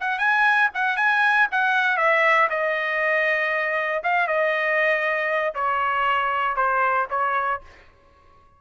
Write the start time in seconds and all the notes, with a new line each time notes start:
0.00 F#5
0.19 G#5
0.74 F#5
0.96 G#5
1.51 F#5
1.97 E5
2.50 D#5
4.03 F5
4.27 D#5
5.55 C#5
6.56 C5
7.10 C#5